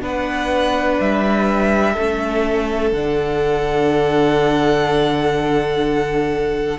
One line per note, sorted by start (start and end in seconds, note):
0.00 0.98 B3
0.00 1.94 D4
0.00 1.93 B4
0.00 1.00 F#5
1.00 1.97 G3
1.00 2.92 E5
1.93 2.92 A3
1.93 2.95 C#4
1.93 6.77 A4
2.92 6.79 D3
2.92 6.79 D4
2.92 6.79 F#5